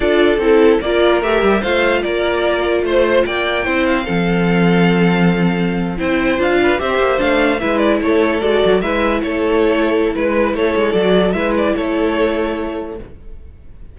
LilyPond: <<
  \new Staff \with { instrumentName = "violin" } { \time 4/4 \tempo 4 = 148 d''4 a'4 d''4 e''4 | f''4 d''2 c''4 | g''4. f''2~ f''8~ | f''2~ f''8. g''4 f''16~ |
f''8. e''4 f''4 e''8 d''8 cis''16~ | cis''8. d''4 e''4 cis''4~ cis''16~ | cis''4 b'4 cis''4 d''4 | e''8 d''8 cis''2. | }
  \new Staff \with { instrumentName = "violin" } { \time 4/4 a'2 ais'2 | c''4 ais'2 c''4 | d''4 c''4 a'2~ | a'2~ a'8. c''4~ c''16~ |
c''16 b'8 c''2 b'4 a'16~ | a'4.~ a'16 b'4 a'4~ a'16~ | a'4 b'4 a'2 | b'4 a'2. | }
  \new Staff \with { instrumentName = "viola" } { \time 4/4 f'4 e'4 f'4 g'4 | f'1~ | f'4 e'4 c'2~ | c'2~ c'8. e'4 f'16~ |
f'8. g'4 d'4 e'4~ e'16~ | e'8. fis'4 e'2~ e'16~ | e'2. fis'4 | e'1 | }
  \new Staff \with { instrumentName = "cello" } { \time 4/4 d'4 c'4 ais4 a8 g8 | a4 ais2 a4 | ais4 c'4 f2~ | f2~ f8. c'4 d'16~ |
d'8. c'8 ais8 a4 gis4 a16~ | a8. gis8 fis8 gis4 a4~ a16~ | a4 gis4 a8 gis8 fis4 | gis4 a2. | }
>>